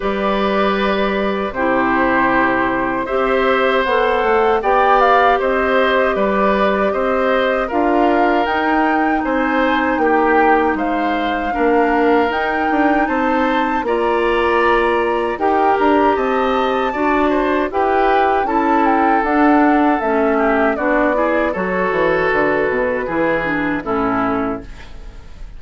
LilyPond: <<
  \new Staff \with { instrumentName = "flute" } { \time 4/4 \tempo 4 = 78 d''2 c''2 | e''4 fis''4 g''8 f''8 dis''4 | d''4 dis''4 f''4 g''4 | gis''4 g''4 f''2 |
g''4 a''4 ais''2 | g''8 ais''8 a''2 g''4 | a''8 g''8 fis''4 e''4 d''4 | cis''4 b'2 a'4 | }
  \new Staff \with { instrumentName = "oboe" } { \time 4/4 b'2 g'2 | c''2 d''4 c''4 | b'4 c''4 ais'2 | c''4 g'4 c''4 ais'4~ |
ais'4 c''4 d''2 | ais'4 dis''4 d''8 c''8 b'4 | a'2~ a'8 g'8 fis'8 gis'8 | a'2 gis'4 e'4 | }
  \new Staff \with { instrumentName = "clarinet" } { \time 4/4 g'2 e'2 | g'4 a'4 g'2~ | g'2 f'4 dis'4~ | dis'2. d'4 |
dis'2 f'2 | g'2 fis'4 g'4 | e'4 d'4 cis'4 d'8 e'8 | fis'2 e'8 d'8 cis'4 | }
  \new Staff \with { instrumentName = "bassoon" } { \time 4/4 g2 c2 | c'4 b8 a8 b4 c'4 | g4 c'4 d'4 dis'4 | c'4 ais4 gis4 ais4 |
dis'8 d'8 c'4 ais2 | dis'8 d'8 c'4 d'4 e'4 | cis'4 d'4 a4 b4 | fis8 e8 d8 b,8 e4 a,4 | }
>>